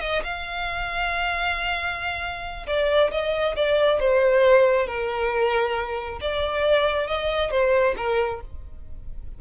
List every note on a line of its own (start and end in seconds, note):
0.00 0.22 D#5
0.23 2.66 F5
2.66 3.10 D5
3.11 3.55 D#5
3.56 3.99 D5
3.99 4.87 C5
4.87 6.19 A#4
6.20 7.07 D5
7.07 7.50 D#5
7.50 7.95 C5
7.97 8.41 A#4